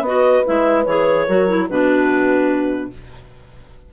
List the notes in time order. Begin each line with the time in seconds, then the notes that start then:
0.00 B3 F#4 B4 D#5
0.44 G#3 E4 E5
0.84 E3 G#4 C#5
1.26 F#3 F#4 A#4
1.48 E4
1.69 B2 D4 F#4 B4